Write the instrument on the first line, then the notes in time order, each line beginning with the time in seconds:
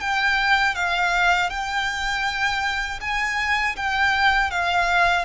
violin
0.00 G5
0.75 F5
1.50 G5
3.01 G#5
3.76 G5
4.50 F5